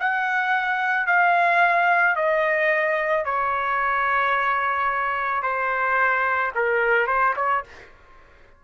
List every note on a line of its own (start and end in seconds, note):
0.00 1.07 F#5
1.07 2.16 F5
2.16 3.25 D#5
3.25 5.43 C#5
5.43 6.52 C5
6.56 7.07 A#4
7.07 7.34 C5
7.37 7.64 C#5